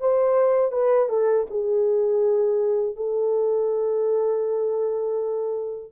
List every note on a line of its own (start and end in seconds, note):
0.00 0.72 C5
0.72 1.09 B4
1.09 1.46 A4
1.50 2.95 G#4
2.95 5.92 A4